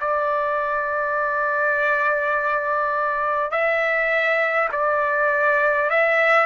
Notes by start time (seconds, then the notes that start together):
0.00 D5
3.51 E5
4.72 D5
5.89 E5